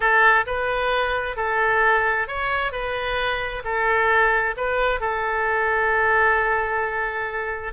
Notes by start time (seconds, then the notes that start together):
0.00 A4
0.46 B4
1.36 A4
2.27 C#5
2.71 B4
3.64 A4
4.57 B4
5.00 A4